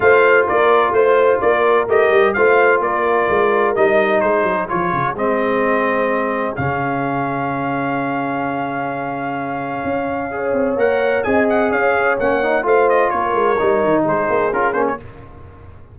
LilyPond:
<<
  \new Staff \with { instrumentName = "trumpet" } { \time 4/4 \tempo 4 = 128 f''4 d''4 c''4 d''4 | dis''4 f''4 d''2 | dis''4 c''4 cis''4 dis''4~ | dis''2 f''2~ |
f''1~ | f''2. fis''4 | gis''8 fis''8 f''4 fis''4 f''8 dis''8 | cis''2 c''4 ais'8 c''16 cis''16 | }
  \new Staff \with { instrumentName = "horn" } { \time 4/4 c''4 ais'4 c''4 ais'4~ | ais'4 c''4 ais'2~ | ais'4 gis'2.~ | gis'1~ |
gis'1~ | gis'2 cis''2 | dis''4 cis''2 c''4 | ais'2 gis'2 | }
  \new Staff \with { instrumentName = "trombone" } { \time 4/4 f'1 | g'4 f'2. | dis'2 f'4 c'4~ | c'2 cis'2~ |
cis'1~ | cis'2 gis'4 ais'4 | gis'2 cis'8 dis'8 f'4~ | f'4 dis'2 f'8 cis'8 | }
  \new Staff \with { instrumentName = "tuba" } { \time 4/4 a4 ais4 a4 ais4 | a8 g8 a4 ais4 gis4 | g4 gis8 fis8 f8 cis8 gis4~ | gis2 cis2~ |
cis1~ | cis4 cis'4. c'8 ais4 | c'4 cis'4 ais4 a4 | ais8 gis8 g8 dis8 gis8 ais8 cis'8 ais8 | }
>>